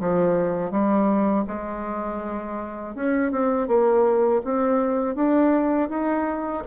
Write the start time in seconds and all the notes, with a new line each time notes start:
0.00 F3
0.71 G3
1.47 G#3
2.95 C#4
3.31 C4
3.67 A#3
4.44 C4
5.15 D4
5.89 D#4